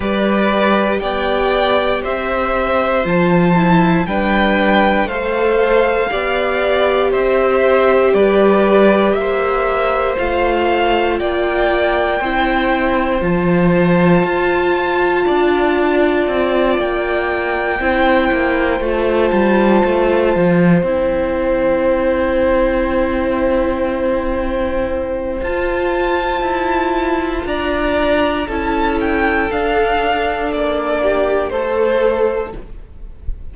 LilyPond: <<
  \new Staff \with { instrumentName = "violin" } { \time 4/4 \tempo 4 = 59 d''4 g''4 e''4 a''4 | g''4 f''2 e''4 | d''4 e''4 f''4 g''4~ | g''4 a''2.~ |
a''8 g''2 a''4.~ | a''8 g''2.~ g''8~ | g''4 a''2 ais''4 | a''8 g''8 f''4 d''4 c''4 | }
  \new Staff \with { instrumentName = "violin" } { \time 4/4 b'4 d''4 c''2 | b'4 c''4 d''4 c''4 | b'4 c''2 d''4 | c''2. d''4~ |
d''4. c''2~ c''8~ | c''1~ | c''2. d''4 | a'2~ a'8 g'8 a'4 | }
  \new Staff \with { instrumentName = "viola" } { \time 4/4 g'2. f'8 e'8 | d'4 a'4 g'2~ | g'2 f'2 | e'4 f'2.~ |
f'4. e'4 f'4.~ | f'8 e'2.~ e'8~ | e'4 f'2. | e'4 d'2 a'4 | }
  \new Staff \with { instrumentName = "cello" } { \time 4/4 g4 b4 c'4 f4 | g4 a4 b4 c'4 | g4 ais4 a4 ais4 | c'4 f4 f'4 d'4 |
c'8 ais4 c'8 ais8 a8 g8 a8 | f8 c'2.~ c'8~ | c'4 f'4 e'4 d'4 | cis'4 d'4 ais4 a4 | }
>>